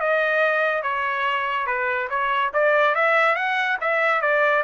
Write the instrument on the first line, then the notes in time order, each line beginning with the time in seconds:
trumpet
0.00 D#5
0.83 C#5
1.67 B4
2.10 C#5
2.53 D5
2.95 E5
3.35 F#5
3.81 E5
4.22 D5